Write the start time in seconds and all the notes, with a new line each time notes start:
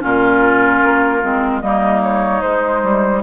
0.00 A#2 C#4 F4 A#4
0.82 A#3
1.21 G#3 C4
1.60 G3 A#3 D#4 D#5
2.02 C#5
2.41 G#3 C5
2.83 G3